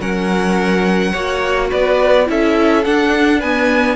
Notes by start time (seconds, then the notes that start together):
0.00 F#3 C#4 A#4 F#5
1.12 A#3 F#4 C#5
1.70 B3 B4 D5
2.26 C#4 E4 A4 E5
2.85 D4 F#5
3.40 B3 B4 G#5